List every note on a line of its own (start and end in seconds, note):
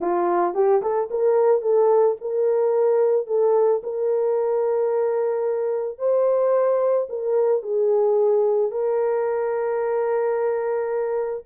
0.00 0.54 F4
0.54 0.81 G4
0.82 1.09 A4
1.10 1.61 A#4
1.61 2.15 A4
2.20 3.27 A#4
3.27 3.81 A4
3.83 5.98 A#4
5.98 7.07 C5
7.09 7.62 A#4
7.62 8.71 G#4
8.71 11.44 A#4